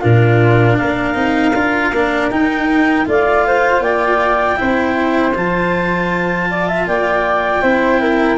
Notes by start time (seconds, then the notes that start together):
0.00 A#2 D4 F4 A#4
0.77 A#3 A#4 F5
1.14 C4 D#4
1.54 D4 F4
1.91 A#3 D4
2.30 D#4 G5
3.05 A3 F4 D5
3.11 F5
3.47 C5
3.80 A#3 D5 G5
4.56 C4 E4 C5
5.34 F3 F4 A5
6.50 D5
6.68 E5
6.87 A#3 D5 G5
7.62 C4 E4 C5
8.00 A#4